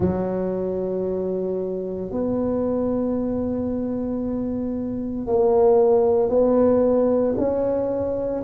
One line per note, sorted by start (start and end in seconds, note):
0.00 2.11 F#3
2.11 5.26 B3
5.26 6.29 A#3
6.29 7.34 B3
7.37 8.43 C#4